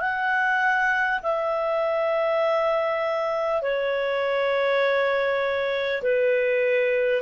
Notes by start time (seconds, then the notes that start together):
0.00 F#5
1.23 E5
3.62 C#5
6.03 B4